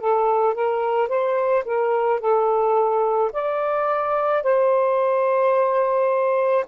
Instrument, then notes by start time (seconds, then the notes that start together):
saxophone
0.00 A4
0.54 A#4
1.08 C5
1.65 A#4
2.20 A4
3.32 D5
4.43 C5